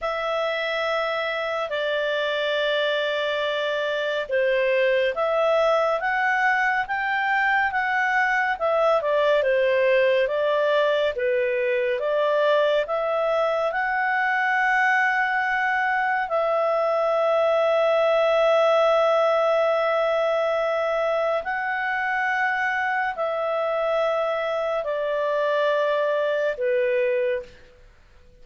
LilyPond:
\new Staff \with { instrumentName = "clarinet" } { \time 4/4 \tempo 4 = 70 e''2 d''2~ | d''4 c''4 e''4 fis''4 | g''4 fis''4 e''8 d''8 c''4 | d''4 b'4 d''4 e''4 |
fis''2. e''4~ | e''1~ | e''4 fis''2 e''4~ | e''4 d''2 b'4 | }